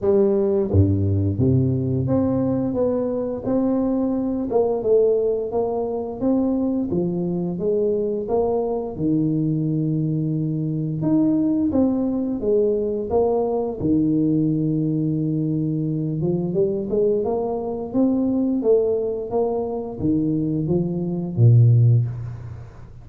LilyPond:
\new Staff \with { instrumentName = "tuba" } { \time 4/4 \tempo 4 = 87 g4 g,4 c4 c'4 | b4 c'4. ais8 a4 | ais4 c'4 f4 gis4 | ais4 dis2. |
dis'4 c'4 gis4 ais4 | dis2.~ dis8 f8 | g8 gis8 ais4 c'4 a4 | ais4 dis4 f4 ais,4 | }